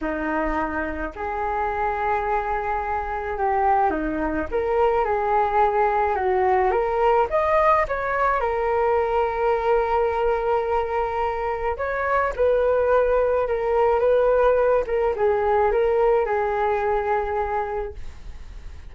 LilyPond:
\new Staff \with { instrumentName = "flute" } { \time 4/4 \tempo 4 = 107 dis'2 gis'2~ | gis'2 g'4 dis'4 | ais'4 gis'2 fis'4 | ais'4 dis''4 cis''4 ais'4~ |
ais'1~ | ais'4 cis''4 b'2 | ais'4 b'4. ais'8 gis'4 | ais'4 gis'2. | }